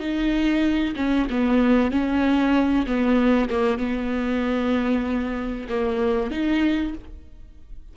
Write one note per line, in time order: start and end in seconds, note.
0.00 0.95 D#4
0.96 1.28 C#4
1.30 1.91 B3
1.91 2.86 C#4
2.87 3.50 B3
3.50 3.78 A#3
3.78 5.68 B3
5.70 6.31 A#3
6.31 6.94 D#4